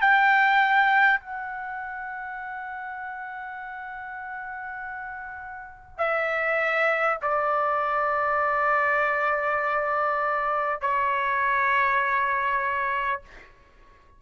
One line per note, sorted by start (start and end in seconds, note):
0.00 1.20 G5
1.20 5.97 F#5
5.97 7.17 E5
7.22 10.81 D5
10.81 13.21 C#5